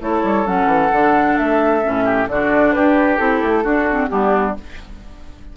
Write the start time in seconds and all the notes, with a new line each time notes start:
0.00 A3 E4 A4 C#5
0.23 G3
0.45 F#3 C#4 F#5
0.66 E3
0.92 D3 D4
1.37 A3 E5
1.83 A2 C#4
2.05 G4
2.27 D3 D4 F#4 D5
2.72 D4 G4 B4
3.17 C4 E4 A4
3.42 A3
3.63 D4 F#4
3.90 C4
4.08 G3 B3 D4 G4